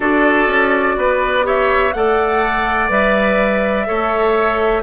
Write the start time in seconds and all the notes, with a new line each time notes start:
0.00 D4 F#4 A4 D5
0.47 C#4
0.96 B3 B4
1.43 G4 C#5 E5
1.92 A3 A4 D5 F#5
2.88 G3 B4 E5
3.85 A3 A4 C#5